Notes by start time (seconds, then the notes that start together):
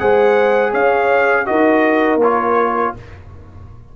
0.00 G#3 G#4 C5 F#5
0.72 C#4 C#5 F5
1.46 D#4 F#4 A#4 D#5
2.16 A#3
2.23 F4 C#5